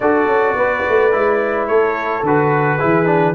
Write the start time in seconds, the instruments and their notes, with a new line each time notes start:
0.00 tuba D4, trombone F#4, horn A4, trumpet D5
0.26 tuba C#4
0.54 tuba B3, horn B4
0.88 tuba A3
1.11 tuba G#3, trombone E4
1.67 tuba A3, horn A4, trumpet C#5
2.22 tuba D3, trombone F#4, trumpet B4
2.78 tuba E3, trombone E4, horn G#4
3.05 trombone D4